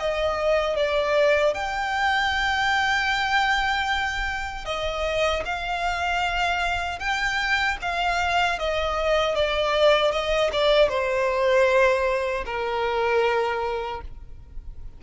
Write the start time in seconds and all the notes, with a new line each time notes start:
0.00 D#5
0.76 D5
1.54 G5
4.65 D#5
5.45 F5
7.00 G5
7.82 F5
8.59 D#5
9.35 D5
10.12 D#5
10.53 D5
10.89 C5
12.46 A#4